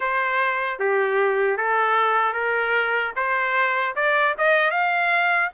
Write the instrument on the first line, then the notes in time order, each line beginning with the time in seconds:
trumpet
0.00 C5
0.79 G4
1.57 A4
2.33 A#4
3.15 C5
3.95 D5
4.37 D#5
4.70 F5